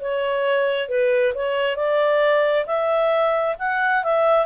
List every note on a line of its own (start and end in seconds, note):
0.00 0.88 C#5
0.88 1.33 B4
1.34 1.76 C#5
1.76 2.66 D5
2.66 3.55 E5
3.59 4.04 F#5
4.04 4.46 E5